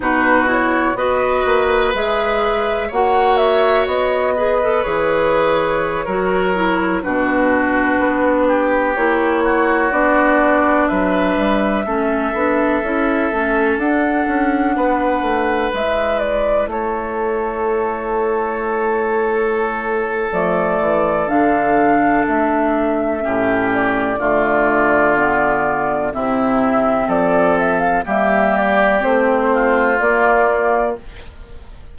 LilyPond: <<
  \new Staff \with { instrumentName = "flute" } { \time 4/4 \tempo 4 = 62 b'8 cis''8 dis''4 e''4 fis''8 e''8 | dis''4 cis''2~ cis''16 b'8.~ | b'4~ b'16 cis''4 d''4 e''8.~ | e''2~ e''16 fis''4.~ fis''16~ |
fis''16 e''8 d''8 cis''2~ cis''8.~ | cis''4 d''4 f''4 e''4~ | e''8 d''2~ d''8 e''4 | d''8 e''16 f''16 e''8 d''8 c''4 d''4 | }
  \new Staff \with { instrumentName = "oboe" } { \time 4/4 fis'4 b'2 cis''4~ | cis''8 b'4.~ b'16 ais'4 fis'8.~ | fis'8. g'4 fis'4. b'8.~ | b'16 a'2. b'8.~ |
b'4~ b'16 a'2~ a'8.~ | a'1 | g'4 f'2 e'4 | a'4 g'4. f'4. | }
  \new Staff \with { instrumentName = "clarinet" } { \time 4/4 dis'8 e'8 fis'4 gis'4 fis'4~ | fis'8 gis'16 a'16 gis'4~ gis'16 fis'8 e'8 d'8.~ | d'4~ d'16 e'4 d'4.~ d'16~ | d'16 cis'8 d'8 e'8 cis'8 d'4.~ d'16~ |
d'16 e'2.~ e'8.~ | e'4 a4 d'2 | cis'4 a4 b4 c'4~ | c'4 ais4 c'4 ais4 | }
  \new Staff \with { instrumentName = "bassoon" } { \time 4/4 b,4 b8 ais8 gis4 ais4 | b4 e4~ e16 fis4 b,8.~ | b,16 b4 ais4 b4 fis8 g16~ | g16 a8 b8 cis'8 a8 d'8 cis'8 b8 a16~ |
a16 gis4 a2~ a8.~ | a4 f8 e8 d4 a4 | a,4 d2 c4 | f4 g4 a4 ais4 | }
>>